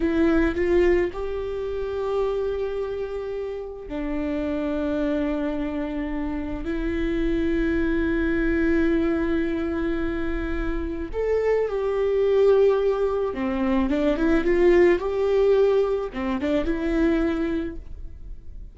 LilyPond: \new Staff \with { instrumentName = "viola" } { \time 4/4 \tempo 4 = 108 e'4 f'4 g'2~ | g'2. d'4~ | d'1 | e'1~ |
e'1 | a'4 g'2. | c'4 d'8 e'8 f'4 g'4~ | g'4 c'8 d'8 e'2 | }